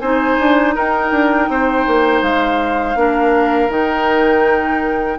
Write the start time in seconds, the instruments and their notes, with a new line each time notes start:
0.00 bassoon C4, clarinet D#4, oboe C5, flute G#5
0.40 bassoon D4
0.75 bassoon D#4, oboe A#4, flute G5
1.12 bassoon D4
1.49 bassoon C4, oboe C5
1.87 bassoon A#3
2.23 bassoon G#3, flute F5
2.96 bassoon A#3, clarinet D4, oboe A#4
3.70 bassoon D#3, clarinet D#4, flute G5